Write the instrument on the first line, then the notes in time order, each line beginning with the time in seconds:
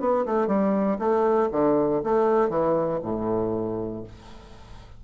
bassoon
0.00 B3
0.26 A3
0.47 G3
0.99 A3
1.52 D3
2.04 A3
2.49 E3
3.03 A2